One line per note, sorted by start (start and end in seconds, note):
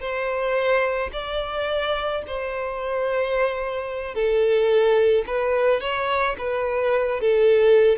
0.00 1.10 C5
1.12 2.22 D5
2.27 4.14 C5
4.14 5.24 A4
5.26 5.80 B4
5.80 6.35 C#5
6.38 7.20 B4
7.20 7.98 A4